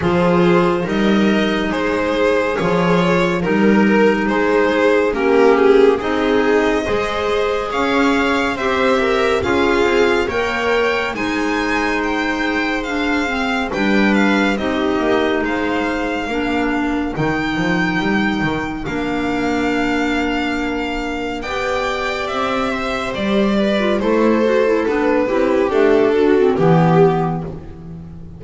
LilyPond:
<<
  \new Staff \with { instrumentName = "violin" } { \time 4/4 \tempo 4 = 70 c''4 dis''4 c''4 cis''4 | ais'4 c''4 ais'8 gis'8 dis''4~ | dis''4 f''4 e''4 f''4 | g''4 gis''4 g''4 f''4 |
g''8 f''8 dis''4 f''2 | g''2 f''2~ | f''4 g''4 e''4 d''4 | c''4 b'4 a'4 g'4 | }
  \new Staff \with { instrumentName = "viola" } { \time 4/4 gis'4 ais'4 gis'2 | ais'4 gis'4 g'4 gis'4 | c''4 cis''4 c''8 ais'8 gis'4 | cis''4 c''2. |
b'4 g'4 c''4 ais'4~ | ais'1~ | ais'4 d''4. c''4 b'8 | a'4. g'4 fis'8 g'4 | }
  \new Staff \with { instrumentName = "clarinet" } { \time 4/4 f'4 dis'2 f'4 | dis'2 cis'4 dis'4 | gis'2 g'4 f'4 | ais'4 dis'2 d'8 c'8 |
d'4 dis'2 d'4 | dis'2 d'2~ | d'4 g'2~ g'8. f'16 | e'8 fis'16 e'16 d'8 e'8 a8 d'16 c'16 b4 | }
  \new Staff \with { instrumentName = "double bass" } { \time 4/4 f4 g4 gis4 f4 | g4 gis4 ais4 c'4 | gis4 cis'4 c'4 cis'8 c'8 | ais4 gis2. |
g4 c'8 ais8 gis4 ais4 | dis8 f8 g8 dis8 ais2~ | ais4 b4 c'4 g4 | a4 b8 c'8 d'4 e4 | }
>>